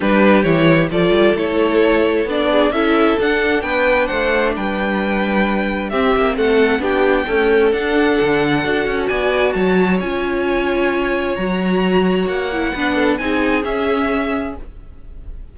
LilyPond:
<<
  \new Staff \with { instrumentName = "violin" } { \time 4/4 \tempo 4 = 132 b'4 cis''4 d''4 cis''4~ | cis''4 d''4 e''4 fis''4 | g''4 fis''4 g''2~ | g''4 e''4 fis''4 g''4~ |
g''4 fis''2. | gis''4 a''4 gis''2~ | gis''4 ais''2 fis''4~ | fis''4 gis''4 e''2 | }
  \new Staff \with { instrumentName = "violin" } { \time 4/4 g'2 a'2~ | a'4. gis'8 a'2 | b'4 c''4 b'2~ | b'4 g'4 a'4 g'4 |
a'1 | d''4 cis''2.~ | cis''1 | b'8 a'8 gis'2. | }
  \new Staff \with { instrumentName = "viola" } { \time 4/4 d'4 e'4 f'4 e'4~ | e'4 d'4 e'4 d'4~ | d'1~ | d'4 c'2 d'4 |
a4 d'2 fis'4~ | fis'2 f'2~ | f'4 fis'2~ fis'8 e'8 | d'4 dis'4 cis'2 | }
  \new Staff \with { instrumentName = "cello" } { \time 4/4 g4 e4 f8 g8 a4~ | a4 b4 cis'4 d'4 | b4 a4 g2~ | g4 c'8 ais8 a4 b4 |
cis'4 d'4 d4 d'8 cis'8 | b4 fis4 cis'2~ | cis'4 fis2 ais4 | b4 c'4 cis'2 | }
>>